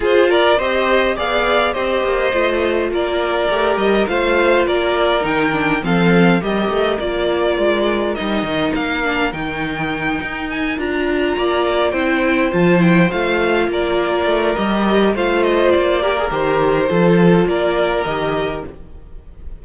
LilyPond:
<<
  \new Staff \with { instrumentName = "violin" } { \time 4/4 \tempo 4 = 103 c''8 d''8 dis''4 f''4 dis''4~ | dis''4 d''4. dis''8 f''4 | d''4 g''4 f''4 dis''4 | d''2 dis''4 f''4 |
g''2 gis''8 ais''4.~ | ais''8 g''4 a''8 g''8 f''4 d''8~ | d''4 dis''4 f''8 dis''8 d''4 | c''2 d''4 dis''4 | }
  \new Staff \with { instrumentName = "violin" } { \time 4/4 gis'8 ais'8 c''4 d''4 c''4~ | c''4 ais'2 c''4 | ais'2 a'4 ais'4~ | ais'1~ |
ais'2.~ ais'8 d''8~ | d''8 c''2. ais'8~ | ais'2 c''4. ais'8~ | ais'4 a'4 ais'2 | }
  \new Staff \with { instrumentName = "viola" } { \time 4/4 f'4 g'4 gis'4 g'4 | f'2 g'4 f'4~ | f'4 dis'8 d'8 c'4 g'4 | f'2 dis'4. d'8 |
dis'2~ dis'8 f'4.~ | f'8 e'4 f'8 e'8 f'4.~ | f'4 g'4 f'4. g'16 gis'16 | g'4 f'2 g'4 | }
  \new Staff \with { instrumentName = "cello" } { \time 4/4 f'4 c'4 b4 c'8 ais8 | a4 ais4 a8 g8 a4 | ais4 dis4 f4 g8 a8 | ais4 gis4 g8 dis8 ais4 |
dis4. dis'4 d'4 ais8~ | ais8 c'4 f4 a4 ais8~ | ais8 a8 g4 a4 ais4 | dis4 f4 ais4 dis4 | }
>>